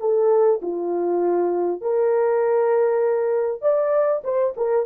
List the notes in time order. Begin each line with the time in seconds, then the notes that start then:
0.00 A4
0.62 F4
1.81 A#4
3.62 D5
4.24 C5
4.57 A#4